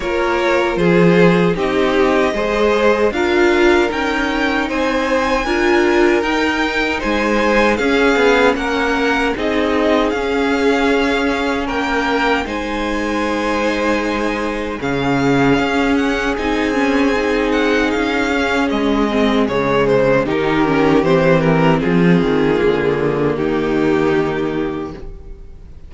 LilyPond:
<<
  \new Staff \with { instrumentName = "violin" } { \time 4/4 \tempo 4 = 77 cis''4 c''4 dis''2 | f''4 g''4 gis''2 | g''4 gis''4 f''4 fis''4 | dis''4 f''2 g''4 |
gis''2. f''4~ | f''8 fis''8 gis''4. fis''8 f''4 | dis''4 cis''8 c''8 ais'4 c''8 ais'8 | gis'2 g'2 | }
  \new Staff \with { instrumentName = "violin" } { \time 4/4 ais'4 gis'4 g'4 c''4 | ais'2 c''4 ais'4~ | ais'4 c''4 gis'4 ais'4 | gis'2. ais'4 |
c''2. gis'4~ | gis'1~ | gis'2 g'2 | f'2 dis'2 | }
  \new Staff \with { instrumentName = "viola" } { \time 4/4 f'2 dis'4 gis'4 | f'4 dis'2 f'4 | dis'2 cis'2 | dis'4 cis'2. |
dis'2. cis'4~ | cis'4 dis'8 cis'8 dis'4. cis'8~ | cis'8 c'8 gis4 dis'8 cis'8 c'4~ | c'4 ais2. | }
  \new Staff \with { instrumentName = "cello" } { \time 4/4 ais4 f4 c'4 gis4 | d'4 cis'4 c'4 d'4 | dis'4 gis4 cis'8 b8 ais4 | c'4 cis'2 ais4 |
gis2. cis4 | cis'4 c'2 cis'4 | gis4 cis4 dis4 e4 | f8 dis8 d4 dis2 | }
>>